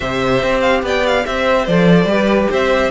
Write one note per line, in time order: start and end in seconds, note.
0.00 0.42 C3
0.00 1.65 G4
0.00 0.83 C5
0.00 0.60 E5
0.42 0.82 C4
0.60 0.81 F5
0.82 1.24 B3
0.82 1.26 D5
0.82 1.06 G5
1.06 1.25 F5
1.25 1.67 C4
1.25 2.11 C5
1.25 1.66 E5
1.66 2.05 F3
1.66 2.09 A4
1.66 2.50 D5
2.05 2.47 G3
2.05 2.91 G4
2.05 2.50 B4
2.50 2.91 C4
2.50 2.91 C5
2.50 2.91 E5